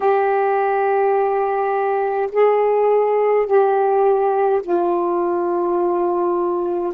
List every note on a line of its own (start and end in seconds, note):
0.00 2.29 G4
2.31 3.46 G#4
3.46 4.62 G4
4.62 6.93 F4